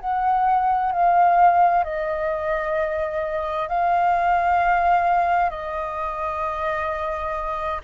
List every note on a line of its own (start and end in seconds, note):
0.00 0.92 F#5
0.92 1.84 F5
1.84 3.69 D#5
3.69 5.50 F5
5.50 7.81 D#5